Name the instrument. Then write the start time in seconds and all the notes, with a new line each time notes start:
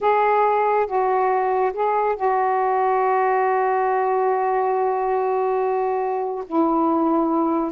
saxophone
0.01 G#4
0.86 F#4
1.73 G#4
2.15 F#4
6.46 E4